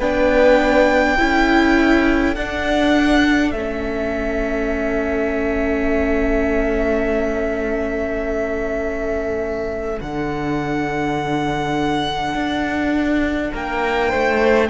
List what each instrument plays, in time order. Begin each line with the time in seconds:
0.00 cello B3, viola D4, violin B4 G5
1.17 cello C#4, viola E4, violin A4
2.35 cello D4, viola D4, violin F#5
3.52 cello A3, viola C#4, violin E5
10.01 cello D3, viola D4, violin F#5
12.35 cello D4
13.52 cello A#3, violin A#4 G5
14.10 cello A3, violin C5